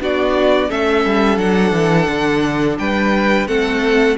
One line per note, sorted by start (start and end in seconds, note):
0.00 0.70 B3
0.00 0.69 D4
0.00 0.69 F#4
0.00 0.70 D5
0.69 1.05 A3
0.69 1.38 C#4
0.69 2.78 A4
0.69 1.38 E5
1.05 1.37 G3
1.37 1.72 F#3
1.37 3.47 D4
1.37 2.78 F#5
1.72 2.07 E3
2.09 2.78 D3
2.78 3.48 G3
2.78 3.48 B4
2.78 3.47 G5
3.47 4.17 A3
3.47 4.17 C4
3.47 4.18 A4
3.47 4.17 F#5